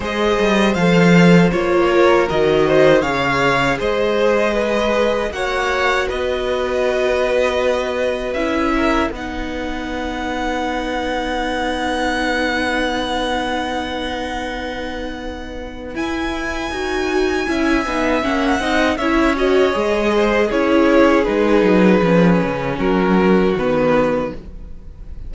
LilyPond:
<<
  \new Staff \with { instrumentName = "violin" } { \time 4/4 \tempo 4 = 79 dis''4 f''4 cis''4 dis''4 | f''4 dis''2 fis''4 | dis''2. e''4 | fis''1~ |
fis''1~ | fis''4 gis''2. | fis''4 e''8 dis''4. cis''4 | b'2 ais'4 b'4 | }
  \new Staff \with { instrumentName = "violin" } { \time 4/4 c''2~ c''8 ais'4 c''8 | cis''4 c''4 b'4 cis''4 | b'2.~ b'8 ais'8 | b'1~ |
b'1~ | b'2. e''4~ | e''8 dis''8 cis''4. c''8 gis'4~ | gis'2 fis'2 | }
  \new Staff \with { instrumentName = "viola" } { \time 4/4 gis'4 a'4 f'4 fis'4 | gis'2. fis'4~ | fis'2. e'4 | dis'1~ |
dis'1~ | dis'4 e'4 fis'4 e'8 dis'8 | cis'8 dis'8 e'8 fis'8 gis'4 e'4 | dis'4 cis'2 b4 | }
  \new Staff \with { instrumentName = "cello" } { \time 4/4 gis8 g8 f4 ais4 dis4 | cis4 gis2 ais4 | b2. cis'4 | b1~ |
b1~ | b4 e'4 dis'4 cis'8 b8 | ais8 c'8 cis'4 gis4 cis'4 | gis8 fis8 f8 cis8 fis4 dis4 | }
>>